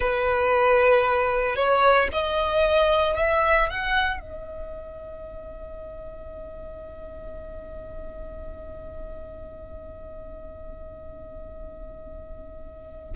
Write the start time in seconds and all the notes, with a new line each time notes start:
0.00 B4
1.55 C#5
2.12 D#5
3.17 E5
3.69 F#5
4.19 D#5